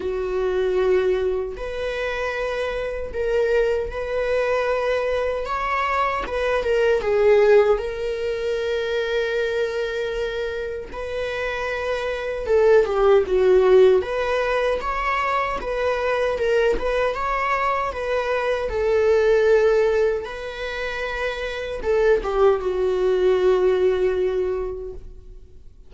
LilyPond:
\new Staff \with { instrumentName = "viola" } { \time 4/4 \tempo 4 = 77 fis'2 b'2 | ais'4 b'2 cis''4 | b'8 ais'8 gis'4 ais'2~ | ais'2 b'2 |
a'8 g'8 fis'4 b'4 cis''4 | b'4 ais'8 b'8 cis''4 b'4 | a'2 b'2 | a'8 g'8 fis'2. | }